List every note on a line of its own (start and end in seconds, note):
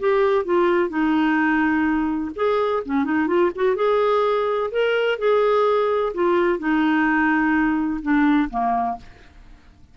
0.00 0.45 G4
0.45 0.89 F4
0.89 2.31 D#4
2.36 2.83 G#4
2.85 3.05 C#4
3.05 3.27 D#4
3.27 3.51 F4
3.55 3.76 F#4
3.76 4.70 G#4
4.71 5.18 A#4
5.18 6.13 G#4
6.14 6.59 F4
6.59 8.01 D#4
8.02 8.49 D4
8.50 8.97 A#3